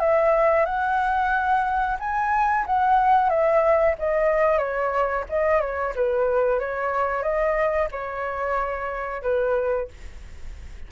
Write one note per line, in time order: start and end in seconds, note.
0.00 0.66 E5
0.66 1.98 F#5
2.00 2.66 G#5
2.66 3.30 F#5
3.30 3.96 E5
3.99 4.59 D#5
4.59 5.25 C#5
5.30 5.61 D#5
5.61 5.94 C#5
5.96 6.60 B4
6.60 7.23 C#5
7.23 7.89 D#5
7.92 9.23 C#5
9.23 9.89 B4